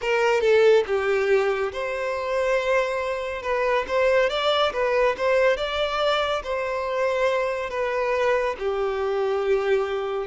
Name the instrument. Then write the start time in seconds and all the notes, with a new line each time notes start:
violin
0.01 A#4
0.41 A4
0.86 G4
1.72 C5
3.42 B4
3.87 C5
4.29 D5
4.73 B4
5.17 C5
5.56 D5
6.43 C5
7.69 B4
8.59 G4